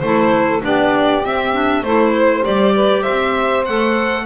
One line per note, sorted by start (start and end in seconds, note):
0.00 0.63 A3
0.00 0.61 E4
0.00 0.64 A4
0.00 0.61 C5
0.61 1.25 B3
0.61 1.22 D4
0.61 1.83 G4
0.61 1.25 D5
1.24 1.53 C4
1.24 1.82 C4
1.24 1.84 E5
1.53 1.84 D4
1.82 2.43 A3
1.82 2.44 E4
1.82 2.13 A4
1.82 2.44 C5
2.20 2.75 C5
2.44 3.07 G3
2.44 3.65 G4
2.44 3.03 D5
2.75 3.02 B4
3.02 4.23 C5
3.02 3.64 E5
3.08 3.68 C4
3.66 4.26 A3
3.66 4.26 A4
3.66 4.26 F#5